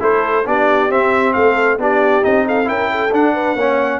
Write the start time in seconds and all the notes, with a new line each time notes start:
0.00 A3 E4 A4 C5
0.45 B3 D4 G4 D5
0.90 C4 E5
1.33 A3 A4 F5
1.78 B3 D4 G4 D5
2.23 C4 D#4 D#5
2.46 A4 F5
2.65 C#4 E4 A#4 G5
2.91 A4
3.13 D4 F#5
3.34 B4
3.55 A#3 C#4 C#5